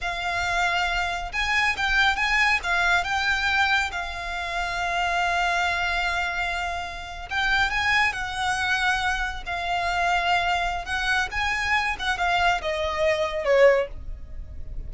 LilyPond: \new Staff \with { instrumentName = "violin" } { \time 4/4 \tempo 4 = 138 f''2. gis''4 | g''4 gis''4 f''4 g''4~ | g''4 f''2.~ | f''1~ |
f''8. g''4 gis''4 fis''4~ fis''16~ | fis''4.~ fis''16 f''2~ f''16~ | f''4 fis''4 gis''4. fis''8 | f''4 dis''2 cis''4 | }